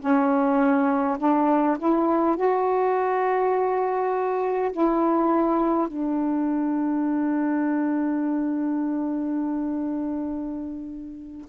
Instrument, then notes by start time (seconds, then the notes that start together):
saxophone
0.00 C#4
1.19 D4
1.79 E4
2.36 F#4
4.72 E4
5.88 D4